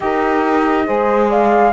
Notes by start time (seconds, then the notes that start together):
0.00 D#4 G4 A#4 D#5
0.85 G#3 G#4 C5
1.29 D5 F5